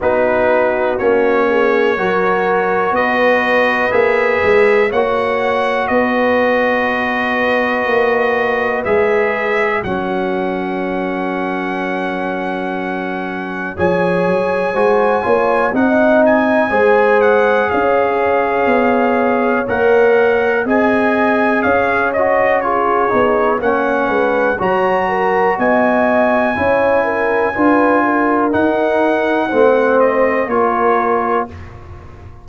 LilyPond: <<
  \new Staff \with { instrumentName = "trumpet" } { \time 4/4 \tempo 4 = 61 b'4 cis''2 dis''4 | e''4 fis''4 dis''2~ | dis''4 e''4 fis''2~ | fis''2 gis''2 |
fis''8 gis''4 fis''8 f''2 | fis''4 gis''4 f''8 dis''8 cis''4 | fis''4 ais''4 gis''2~ | gis''4 fis''4. dis''8 cis''4 | }
  \new Staff \with { instrumentName = "horn" } { \time 4/4 fis'4. gis'8 ais'4 b'4~ | b'4 cis''4 b'2~ | b'2 ais'2~ | ais'2 cis''4 c''8 cis''8 |
dis''4 c''4 cis''2~ | cis''4 dis''4 cis''4 gis'4 | cis''8 b'8 cis''8 ais'8 dis''4 cis''8 ais'8 | b'8 ais'4. c''4 ais'4 | }
  \new Staff \with { instrumentName = "trombone" } { \time 4/4 dis'4 cis'4 fis'2 | gis'4 fis'2.~ | fis'4 gis'4 cis'2~ | cis'2 gis'4 fis'8 f'8 |
dis'4 gis'2. | ais'4 gis'4. fis'8 f'8 dis'8 | cis'4 fis'2 e'4 | f'4 dis'4 c'4 f'4 | }
  \new Staff \with { instrumentName = "tuba" } { \time 4/4 b4 ais4 fis4 b4 | ais8 gis8 ais4 b2 | ais4 gis4 fis2~ | fis2 f8 fis8 gis8 ais8 |
c'4 gis4 cis'4 b4 | ais4 c'4 cis'4. b8 | ais8 gis8 fis4 b4 cis'4 | d'4 dis'4 a4 ais4 | }
>>